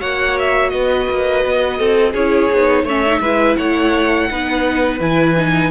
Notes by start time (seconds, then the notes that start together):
0.00 A#3 F#4 C#5 F#5
0.39 E5
0.70 B3 B4 D#5
1.10 A#3
1.45 B3
1.78 C4 A4
2.13 C#4 E4 G#4 C#5
2.52 B3 D#4
2.83 A3 C#4 C#5 E5
3.06 D#4
3.20 G#3 E4 B4
3.56 A3 C#5 F#5
4.30 B3 D#4 B4
5.00 E3 E4 G#5
5.37 D#4